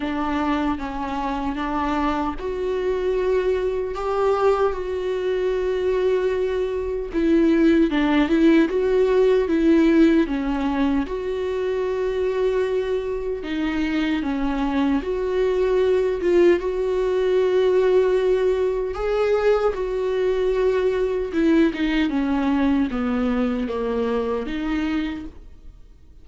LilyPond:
\new Staff \with { instrumentName = "viola" } { \time 4/4 \tempo 4 = 76 d'4 cis'4 d'4 fis'4~ | fis'4 g'4 fis'2~ | fis'4 e'4 d'8 e'8 fis'4 | e'4 cis'4 fis'2~ |
fis'4 dis'4 cis'4 fis'4~ | fis'8 f'8 fis'2. | gis'4 fis'2 e'8 dis'8 | cis'4 b4 ais4 dis'4 | }